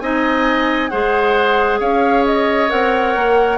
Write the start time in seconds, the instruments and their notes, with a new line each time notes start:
0.00 bassoon C4, clarinet D#4, oboe D#5, flute G#5
0.89 bassoon G#3, clarinet G#4, oboe C5, flute F#5
1.80 bassoon C#4, oboe C#5, flute F5
2.26 flute D#5
2.69 bassoon C4, clarinet A#4, flute F#5
3.16 bassoon A#3